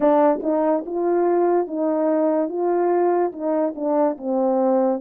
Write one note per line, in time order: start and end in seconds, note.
0.00 0.41 D4
0.42 0.84 D#4
0.86 1.67 F4
1.67 2.48 D#4
2.48 3.32 F4
3.32 3.73 D#4
3.75 4.17 D4
4.17 5.00 C4